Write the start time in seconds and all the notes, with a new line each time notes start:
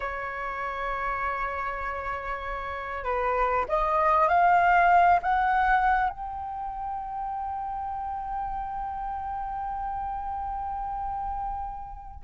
0.00 C#5
3.04 B4
3.68 D#5
4.28 F5
5.22 F#5
6.09 G5